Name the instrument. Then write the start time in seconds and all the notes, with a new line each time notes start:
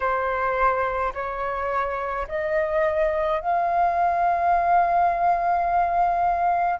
flute
0.00 C5
1.14 C#5
2.27 D#5
3.40 F5